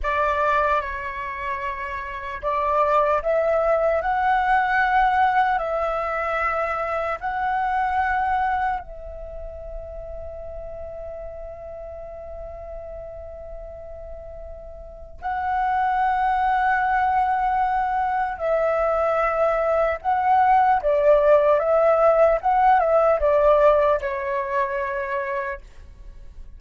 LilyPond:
\new Staff \with { instrumentName = "flute" } { \time 4/4 \tempo 4 = 75 d''4 cis''2 d''4 | e''4 fis''2 e''4~ | e''4 fis''2 e''4~ | e''1~ |
e''2. fis''4~ | fis''2. e''4~ | e''4 fis''4 d''4 e''4 | fis''8 e''8 d''4 cis''2 | }